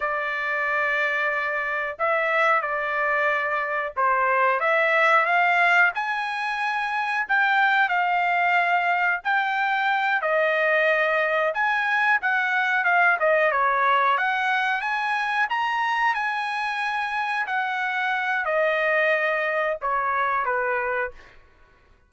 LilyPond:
\new Staff \with { instrumentName = "trumpet" } { \time 4/4 \tempo 4 = 91 d''2. e''4 | d''2 c''4 e''4 | f''4 gis''2 g''4 | f''2 g''4. dis''8~ |
dis''4. gis''4 fis''4 f''8 | dis''8 cis''4 fis''4 gis''4 ais''8~ | ais''8 gis''2 fis''4. | dis''2 cis''4 b'4 | }